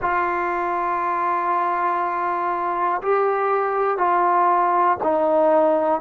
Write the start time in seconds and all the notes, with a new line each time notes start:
0.01 F4
3.02 G4
3.97 F4
5.03 D#4